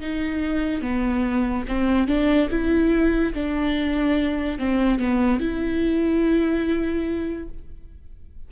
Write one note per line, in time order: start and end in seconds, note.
0.00 0.81 D#4
0.81 1.64 B3
1.67 2.07 C4
2.07 2.48 D4
2.50 3.33 E4
3.33 4.58 D4
4.58 4.98 C4
4.98 5.39 B3
5.39 7.48 E4